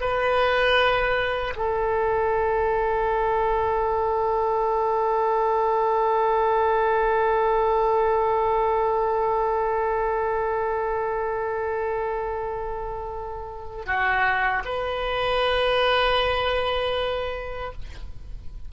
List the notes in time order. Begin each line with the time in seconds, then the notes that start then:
0.00 B4
1.56 A4
13.86 F#4
14.64 B4